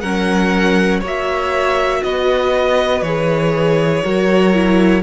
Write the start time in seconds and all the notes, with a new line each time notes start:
0.00 F#3 C#4 A#4 F#5
1.00 A#3 F#4 C#5
1.06 E5
2.03 B3 B4 D#5
3.02 E3 G#4 C#5
4.03 F#3 F#4 A#4
4.54 E4